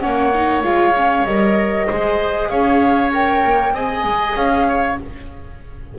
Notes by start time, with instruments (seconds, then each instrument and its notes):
0.00 double bass A#3, viola C#4, oboe C#5, flute F#5
0.34 viola D#4
0.64 double bass G#3, viola F4, flute F5
0.96 viola C#4
1.26 double bass G3, viola A#4, flute D#5
1.87 double bass G#3, viola G#4, oboe C5
2.49 double bass C#4, oboe C#5, flute F5
3.13 viola A#4, flute G5
3.45 double bass A#3
3.73 double bass C4, viola G#4, oboe D#5, flute G#5
4.04 double bass G#3
4.36 double bass C#4, flute F5
4.68 oboe C#5